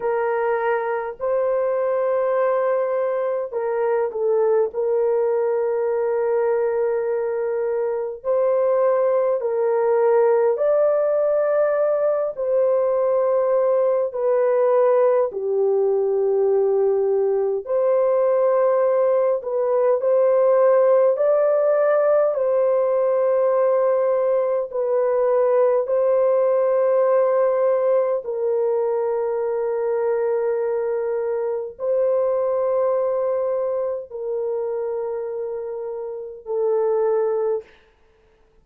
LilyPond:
\new Staff \with { instrumentName = "horn" } { \time 4/4 \tempo 4 = 51 ais'4 c''2 ais'8 a'8 | ais'2. c''4 | ais'4 d''4. c''4. | b'4 g'2 c''4~ |
c''8 b'8 c''4 d''4 c''4~ | c''4 b'4 c''2 | ais'2. c''4~ | c''4 ais'2 a'4 | }